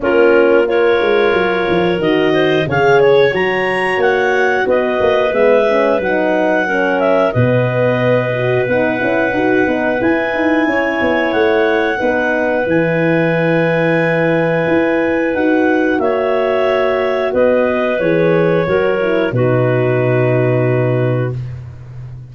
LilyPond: <<
  \new Staff \with { instrumentName = "clarinet" } { \time 4/4 \tempo 4 = 90 ais'4 cis''2 dis''4 | f''8 cis''8 ais''4 fis''4 dis''4 | e''4 fis''4. e''8 dis''4~ | dis''4 fis''2 gis''4~ |
gis''4 fis''2 gis''4~ | gis''2. fis''4 | e''2 dis''4 cis''4~ | cis''4 b'2. | }
  \new Staff \with { instrumentName = "clarinet" } { \time 4/4 f'4 ais'2~ ais'8 c''8 | cis''2. b'4~ | b'2 ais'4 b'4~ | b'1 |
cis''2 b'2~ | b'1 | cis''2 b'2 | ais'4 fis'2. | }
  \new Staff \with { instrumentName = "horn" } { \time 4/4 cis'4 f'2 fis'4 | gis'4 fis'2. | b8 cis'8 dis'4 cis'4 b4~ | b8 fis'8 dis'8 e'8 fis'8 dis'8 e'4~ |
e'2 dis'4 e'4~ | e'2. fis'4~ | fis'2. gis'4 | fis'8 e'8 dis'2. | }
  \new Staff \with { instrumentName = "tuba" } { \time 4/4 ais4. gis8 fis8 f8 dis4 | cis4 fis4 ais4 b8 ais8 | gis4 fis2 b,4~ | b,4 b8 cis'8 dis'8 b8 e'8 dis'8 |
cis'8 b8 a4 b4 e4~ | e2 e'4 dis'4 | ais2 b4 e4 | fis4 b,2. | }
>>